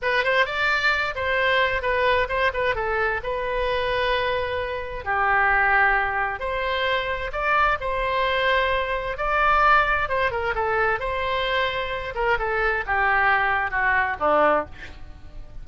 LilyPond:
\new Staff \with { instrumentName = "oboe" } { \time 4/4 \tempo 4 = 131 b'8 c''8 d''4. c''4. | b'4 c''8 b'8 a'4 b'4~ | b'2. g'4~ | g'2 c''2 |
d''4 c''2. | d''2 c''8 ais'8 a'4 | c''2~ c''8 ais'8 a'4 | g'2 fis'4 d'4 | }